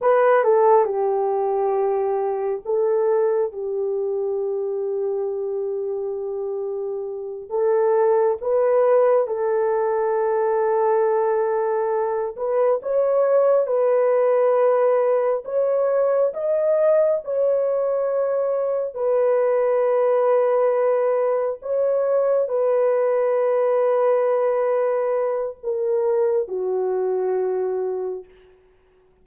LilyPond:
\new Staff \with { instrumentName = "horn" } { \time 4/4 \tempo 4 = 68 b'8 a'8 g'2 a'4 | g'1~ | g'8 a'4 b'4 a'4.~ | a'2 b'8 cis''4 b'8~ |
b'4. cis''4 dis''4 cis''8~ | cis''4. b'2~ b'8~ | b'8 cis''4 b'2~ b'8~ | b'4 ais'4 fis'2 | }